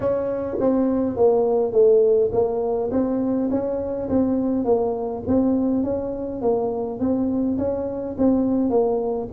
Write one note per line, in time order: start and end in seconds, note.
0.00 0.57 C#4
0.60 1.16 C4
1.16 1.72 A#3
1.72 2.30 A3
2.32 2.90 A#3
2.91 3.49 C4
3.50 4.08 C#4
4.09 4.64 C4
4.64 5.23 A#3
5.27 5.83 C4
5.83 6.41 C#4
6.41 6.99 A#3
6.99 7.57 C4
7.57 8.16 C#4
8.18 8.70 C4
8.70 9.28 A#3